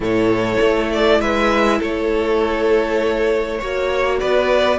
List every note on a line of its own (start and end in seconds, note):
0.00 0.56 A2
0.00 3.59 E4
0.00 1.20 A4
0.00 0.92 C#5
0.60 1.20 A3
0.92 1.20 D5
1.20 1.80 G#3
1.20 1.78 B4
1.20 1.80 E5
1.78 3.61 A3
1.78 3.58 A4
1.78 4.19 C#5
3.58 4.22 A#3
3.58 4.79 F#4
3.58 4.18 C#5
4.19 4.79 B3
4.19 4.79 B4
4.19 4.79 D5